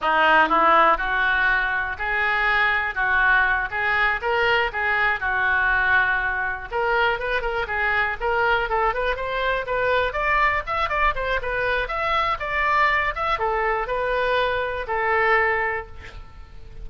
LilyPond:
\new Staff \with { instrumentName = "oboe" } { \time 4/4 \tempo 4 = 121 dis'4 e'4 fis'2 | gis'2 fis'4. gis'8~ | gis'8 ais'4 gis'4 fis'4.~ | fis'4. ais'4 b'8 ais'8 gis'8~ |
gis'8 ais'4 a'8 b'8 c''4 b'8~ | b'8 d''4 e''8 d''8 c''8 b'4 | e''4 d''4. e''8 a'4 | b'2 a'2 | }